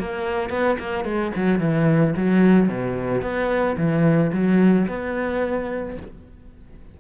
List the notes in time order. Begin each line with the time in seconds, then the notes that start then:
0.00 A#3
0.50 B3
0.79 A#3
1.05 G#3
1.36 F#3
1.60 E3
2.16 F#3
2.69 B2
3.22 B3
3.77 E3
4.33 F#3
4.88 B3